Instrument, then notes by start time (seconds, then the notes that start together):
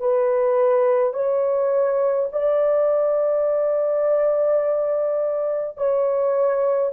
horn
0.00 B4
1.14 C#5
2.32 D5
5.77 C#5